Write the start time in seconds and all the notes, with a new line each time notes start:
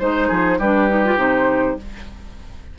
0.00 G#3 D#4 C5
0.28 F3 G#4
0.59 G3 D4 G4 B4
0.90 D#4
1.05 F4
1.17 C3 D#4 C5